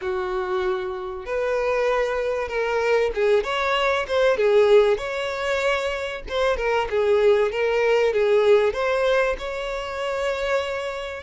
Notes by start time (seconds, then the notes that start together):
0.01 F#4
1.25 B4
2.48 A#4
3.14 G#4
3.43 C#5
4.07 C5
4.37 G#4
4.97 C#5
6.28 C5
6.56 A#4
6.89 G#4
7.51 A#4
8.13 G#4
8.73 C5
9.38 C#5